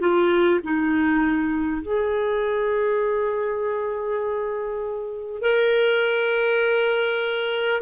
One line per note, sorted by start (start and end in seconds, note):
0.00 0.60 F4
0.63 1.81 D#4
1.81 5.41 G#4
5.42 7.81 A#4